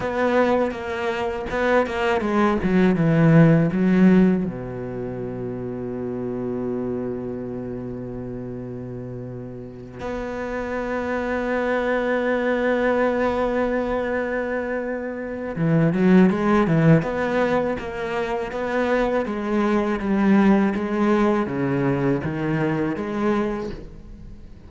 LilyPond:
\new Staff \with { instrumentName = "cello" } { \time 4/4 \tempo 4 = 81 b4 ais4 b8 ais8 gis8 fis8 | e4 fis4 b,2~ | b,1~ | b,4. b2~ b8~ |
b1~ | b4 e8 fis8 gis8 e8 b4 | ais4 b4 gis4 g4 | gis4 cis4 dis4 gis4 | }